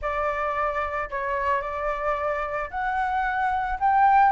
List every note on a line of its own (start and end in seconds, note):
0.01 1.09 D5
1.10 1.61 C#5
1.61 2.70 D5
2.70 3.78 F#5
3.79 4.31 G5